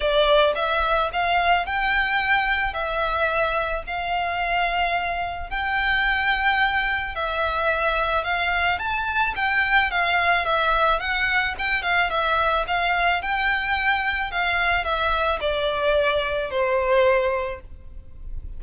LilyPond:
\new Staff \with { instrumentName = "violin" } { \time 4/4 \tempo 4 = 109 d''4 e''4 f''4 g''4~ | g''4 e''2 f''4~ | f''2 g''2~ | g''4 e''2 f''4 |
a''4 g''4 f''4 e''4 | fis''4 g''8 f''8 e''4 f''4 | g''2 f''4 e''4 | d''2 c''2 | }